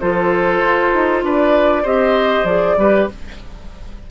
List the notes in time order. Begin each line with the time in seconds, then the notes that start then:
0.00 F3 F4 A4 C5
0.60 F4
0.94 D#4
1.22 D4 B4 D5
1.82 C4 G4 C5 D#5
2.44 F3 G#4 D5
2.77 G3 G4 B4